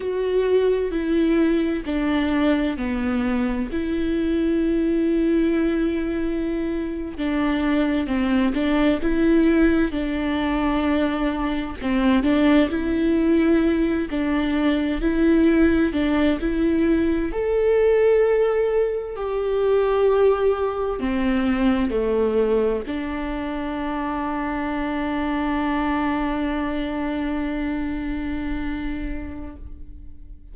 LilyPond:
\new Staff \with { instrumentName = "viola" } { \time 4/4 \tempo 4 = 65 fis'4 e'4 d'4 b4 | e'2.~ e'8. d'16~ | d'8. c'8 d'8 e'4 d'4~ d'16~ | d'8. c'8 d'8 e'4. d'8.~ |
d'16 e'4 d'8 e'4 a'4~ a'16~ | a'8. g'2 c'4 a16~ | a8. d'2.~ d'16~ | d'1 | }